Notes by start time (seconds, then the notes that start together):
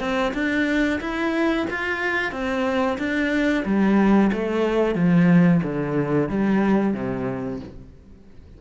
0.00 C4
0.34 D4
1.01 E4
1.70 F4
2.32 C4
2.98 D4
3.65 G3
4.33 A3
4.95 F3
5.63 D3
6.29 G3
6.94 C3